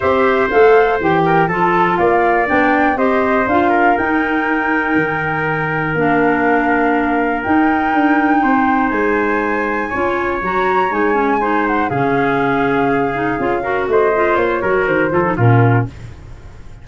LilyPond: <<
  \new Staff \with { instrumentName = "flute" } { \time 4/4 \tempo 4 = 121 e''4 f''4 g''4 a''4 | f''4 g''4 dis''4 f''4 | g''1 | f''2. g''4~ |
g''2 gis''2~ | gis''4 ais''4 gis''4. fis''8 | f''1 | dis''4 cis''4 c''4 ais'4 | }
  \new Staff \with { instrumentName = "trumpet" } { \time 4/4 c''2~ c''8 ais'8 a'4 | d''2 c''4. ais'8~ | ais'1~ | ais'1~ |
ais'4 c''2. | cis''2. c''4 | gis'2.~ gis'8 ais'8 | c''4. ais'4 a'8 f'4 | }
  \new Staff \with { instrumentName = "clarinet" } { \time 4/4 g'4 a'4 g'4 f'4~ | f'4 d'4 g'4 f'4 | dis'1 | d'2. dis'4~ |
dis'1 | f'4 fis'4 dis'8 cis'8 dis'4 | cis'2~ cis'8 dis'8 f'8 fis'8~ | fis'8 f'4 fis'4 f'16 dis'16 cis'4 | }
  \new Staff \with { instrumentName = "tuba" } { \time 4/4 c'4 a4 e4 f4 | ais4 b4 c'4 d'4 | dis'2 dis2 | ais2. dis'4 |
d'4 c'4 gis2 | cis'4 fis4 gis2 | cis2. cis'4 | a4 ais8 fis8 dis8 f8 ais,4 | }
>>